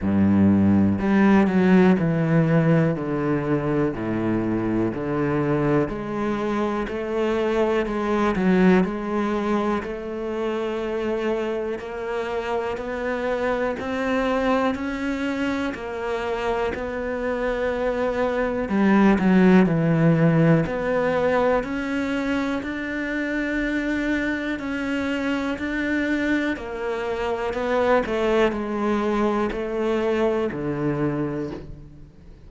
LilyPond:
\new Staff \with { instrumentName = "cello" } { \time 4/4 \tempo 4 = 61 g,4 g8 fis8 e4 d4 | a,4 d4 gis4 a4 | gis8 fis8 gis4 a2 | ais4 b4 c'4 cis'4 |
ais4 b2 g8 fis8 | e4 b4 cis'4 d'4~ | d'4 cis'4 d'4 ais4 | b8 a8 gis4 a4 d4 | }